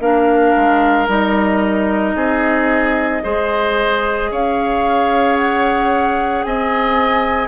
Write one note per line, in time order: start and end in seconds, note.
0.00 0.54 A#3
0.00 1.08 D4
0.00 2.16 A#4
0.00 1.08 F5
0.56 1.08 G#3
1.08 2.15 G3
1.08 3.22 D#4
1.08 4.33 D#5
2.15 3.22 C4
2.15 3.23 G#4
3.23 4.31 G#3
3.23 7.48 G#4
3.23 4.31 C5
4.31 6.45 C#4
4.31 6.46 C#5
4.31 5.37 F5
5.37 6.44 F#5
6.44 7.48 C4
6.44 7.48 D#5
6.44 7.48 G#5